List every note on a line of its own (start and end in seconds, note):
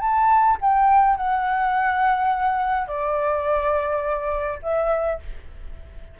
0.00 0.57 A5
0.61 1.16 G5
1.16 2.88 F#5
2.88 4.59 D5
4.62 5.19 E5